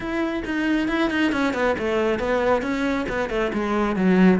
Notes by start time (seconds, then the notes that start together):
0.00 E4
0.45 D#4
0.88 E4
1.10 D#4
1.32 C#4
1.53 B3
1.78 A3
2.19 B3
2.62 C#4
3.08 B3
3.29 A3
3.53 G#3
3.96 F#3